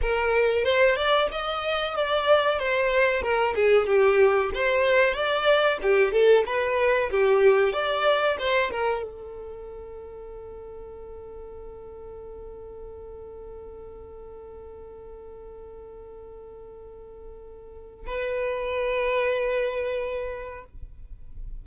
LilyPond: \new Staff \with { instrumentName = "violin" } { \time 4/4 \tempo 4 = 93 ais'4 c''8 d''8 dis''4 d''4 | c''4 ais'8 gis'8 g'4 c''4 | d''4 g'8 a'8 b'4 g'4 | d''4 c''8 ais'8 a'2~ |
a'1~ | a'1~ | a'1 | b'1 | }